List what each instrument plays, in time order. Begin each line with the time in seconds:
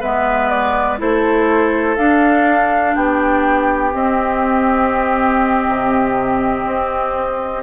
0.00 bassoon G#3, clarinet B3, oboe B4, flute E5
0.49 flute D5
0.98 bassoon A3, clarinet E4, oboe A4, flute C5
1.96 bassoon D4, clarinet D4, flute F5
2.95 bassoon B3, oboe G4, flute G5
3.92 clarinet C4, bassoon C4, flute D#5
5.67 bassoon C3
6.66 bassoon C4